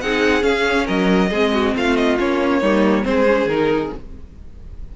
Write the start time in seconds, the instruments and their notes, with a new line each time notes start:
0.00 cello C4, viola D#4, violin G#4 F#5
0.40 viola C#4, cello C#4, violin F5
0.85 cello F#3, violin A#4 D#5
1.29 cello G#3, viola C4, violin G#4
1.53 violin F#4
1.75 cello A3, violin F4 F5
1.96 violin D#5
2.18 cello A#3, viola C#4, violin C#5
2.60 cello G3, viola A#3, violin D#4
3.02 cello G#3, viola C4, violin C5
3.09 violin G#4
3.26 viola C#4
3.45 cello D#3, viola D#4, violin A#4